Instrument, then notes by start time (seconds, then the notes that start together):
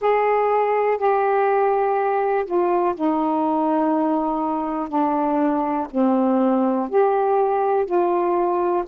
saxophone
0.00 G#4
0.97 G4
2.45 F4
2.95 D#4
4.88 D4
5.91 C4
6.89 G4
7.85 F4